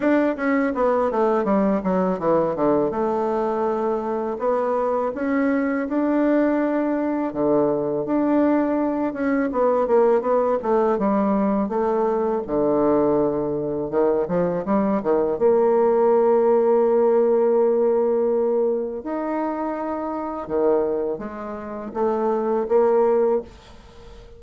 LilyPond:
\new Staff \with { instrumentName = "bassoon" } { \time 4/4 \tempo 4 = 82 d'8 cis'8 b8 a8 g8 fis8 e8 d8 | a2 b4 cis'4 | d'2 d4 d'4~ | d'8 cis'8 b8 ais8 b8 a8 g4 |
a4 d2 dis8 f8 | g8 dis8 ais2.~ | ais2 dis'2 | dis4 gis4 a4 ais4 | }